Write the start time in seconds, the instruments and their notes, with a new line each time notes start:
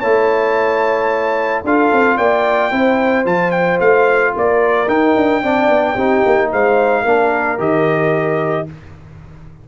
0.00 tuba A3, trombone E4, horn C#5, trumpet A5
1.65 tuba D4, trombone F4, horn A4, trumpet F5
1.93 tuba C4
2.18 tuba A#3, horn D5, trumpet G5
2.71 tuba C4, trombone E4, horn C5
3.25 tuba F3, trombone F4, trumpet A5
3.51 trumpet G5
3.80 tuba A3, trumpet F5
4.36 tuba A#3, horn A#4, trumpet D5
4.88 tuba D#4, trombone D#4, trumpet G5
5.16 tuba D4
5.43 tuba C4, trombone D4, horn D5
5.69 tuba B3
5.94 tuba C4, trombone D#4, horn G4
6.26 tuba A#3
6.53 tuba G#3, horn C5, trumpet F5
7.02 tuba A#3, trombone D4, horn A#4
7.58 tuba D#3, trombone G4, trumpet D#5